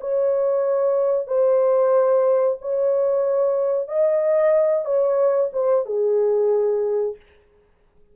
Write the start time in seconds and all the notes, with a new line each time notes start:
0.00 C#5
1.27 C5
2.61 C#5
3.88 D#5
4.85 C#5
5.53 C5
5.85 G#4